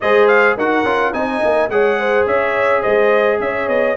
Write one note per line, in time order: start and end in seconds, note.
0.00 0.57 G#3
0.00 0.58 G#4
0.00 0.56 C5
0.00 0.27 D#5
0.27 0.55 F5
0.56 0.83 D#4
0.56 0.85 F#4
0.56 1.13 A#4
0.56 1.13 F#5
0.83 1.11 C#4
0.83 1.13 F4
1.13 1.41 C4
1.13 1.69 D#4
1.13 1.70 D#5
1.13 1.69 G#5
1.45 1.69 A#3
1.69 2.25 G#3
1.69 3.96 G#4
1.69 1.99 C#5
1.69 2.26 F#5
1.99 2.27 C5
2.25 2.82 C#4
2.25 2.81 C#5
2.25 2.82 E5
2.81 3.39 G#3
2.81 3.37 C5
2.81 3.38 D#5
3.39 3.68 C#4
3.39 3.96 C#5
3.39 3.68 E5
3.68 3.96 B3
3.68 3.96 D#5